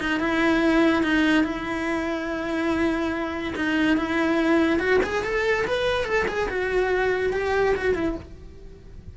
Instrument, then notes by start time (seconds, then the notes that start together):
cello
0.00 D#4
0.20 E4
1.03 D#4
1.44 E4
3.56 D#4
3.97 E4
4.79 F#4
5.03 G#4
5.24 A4
5.67 B4
6.05 A4
6.28 G#4
6.49 F#4
7.34 G4
7.76 F#4
7.95 E4